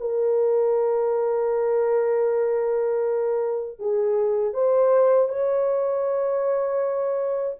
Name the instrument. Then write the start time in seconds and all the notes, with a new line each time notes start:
horn
0.00 A#4
3.79 G#4
4.54 C5
5.29 C#5